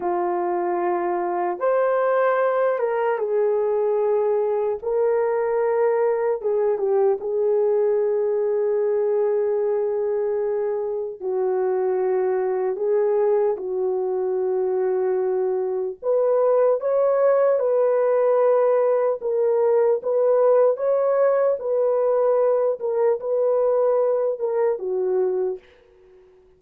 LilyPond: \new Staff \with { instrumentName = "horn" } { \time 4/4 \tempo 4 = 75 f'2 c''4. ais'8 | gis'2 ais'2 | gis'8 g'8 gis'2.~ | gis'2 fis'2 |
gis'4 fis'2. | b'4 cis''4 b'2 | ais'4 b'4 cis''4 b'4~ | b'8 ais'8 b'4. ais'8 fis'4 | }